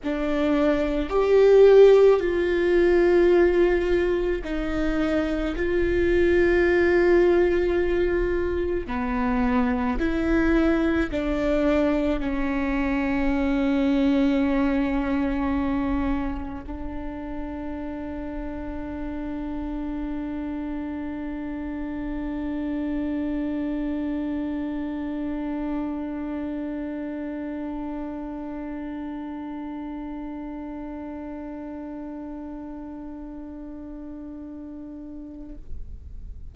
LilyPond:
\new Staff \with { instrumentName = "viola" } { \time 4/4 \tempo 4 = 54 d'4 g'4 f'2 | dis'4 f'2. | b4 e'4 d'4 cis'4~ | cis'2. d'4~ |
d'1~ | d'1~ | d'1~ | d'1 | }